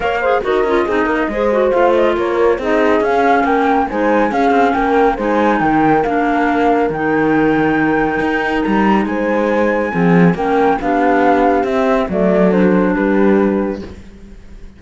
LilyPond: <<
  \new Staff \with { instrumentName = "flute" } { \time 4/4 \tempo 4 = 139 f''4 dis''2. | f''8 dis''8 cis''4 dis''4 f''4 | g''4 gis''4 f''4 g''4 | gis''4 g''4 f''2 |
g''1 | ais''4 gis''2. | g''4 f''2 e''4 | d''4 c''4 b'2 | }
  \new Staff \with { instrumentName = "horn" } { \time 4/4 cis''8 c''8 ais'4 gis'8 ais'8 c''4~ | c''4 ais'4 gis'2 | ais'4 c''4 gis'4 ais'4 | c''4 ais'2.~ |
ais'1~ | ais'4 c''2 gis'4 | ais'4 g'2. | a'2 g'2 | }
  \new Staff \with { instrumentName = "clarinet" } { \time 4/4 ais'8 gis'8 fis'8 f'8 dis'4 gis'8 fis'8 | f'2 dis'4 cis'4~ | cis'4 dis'4 cis'2 | dis'2 d'2 |
dis'1~ | dis'2. c'4 | cis'4 d'2 c'4 | a4 d'2. | }
  \new Staff \with { instrumentName = "cello" } { \time 4/4 ais4 dis'8 cis'8 c'8 ais8 gis4 | a4 ais4 c'4 cis'4 | ais4 gis4 cis'8 c'8 ais4 | gis4 dis4 ais2 |
dis2. dis'4 | g4 gis2 f4 | ais4 b2 c'4 | fis2 g2 | }
>>